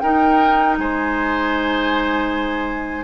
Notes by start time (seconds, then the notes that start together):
0.00 D#4 A#4 G5
0.78 G#3 C5 G#5